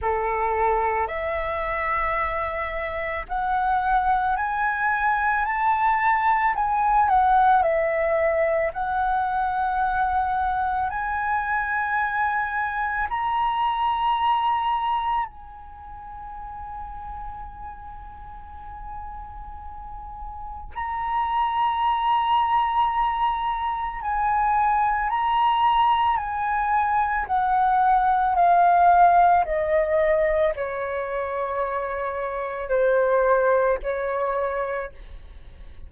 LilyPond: \new Staff \with { instrumentName = "flute" } { \time 4/4 \tempo 4 = 55 a'4 e''2 fis''4 | gis''4 a''4 gis''8 fis''8 e''4 | fis''2 gis''2 | ais''2 gis''2~ |
gis''2. ais''4~ | ais''2 gis''4 ais''4 | gis''4 fis''4 f''4 dis''4 | cis''2 c''4 cis''4 | }